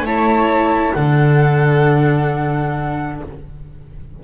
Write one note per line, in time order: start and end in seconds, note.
0.00 0.91 A3
0.00 0.95 E4
0.00 0.96 C#5
0.00 0.93 A5
0.93 3.22 D3
0.93 3.23 D4
0.93 3.23 A4
0.93 3.21 F#5